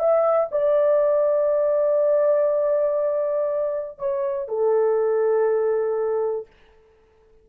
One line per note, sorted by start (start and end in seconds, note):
0.00 0.50 E5
0.52 3.99 D5
3.99 4.49 C#5
4.49 6.47 A4